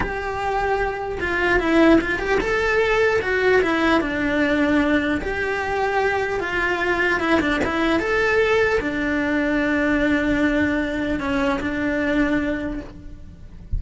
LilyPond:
\new Staff \with { instrumentName = "cello" } { \time 4/4 \tempo 4 = 150 g'2. f'4 | e'4 f'8 g'8 a'2 | fis'4 e'4 d'2~ | d'4 g'2. |
f'2 e'8 d'8 e'4 | a'2 d'2~ | d'1 | cis'4 d'2. | }